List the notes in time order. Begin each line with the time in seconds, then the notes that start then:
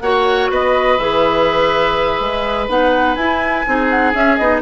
0.00 A#3 F#4 C#5 F#5
0.50 B3 B4 D#5
0.99 E3 G#4 E5
2.20 G#3
2.68 B3 D#4 F#5
3.15 E4 G#5
3.67 C4 D#4 G#4
3.90 F#5
4.14 C#4 E5
4.37 B3 D#4 D#5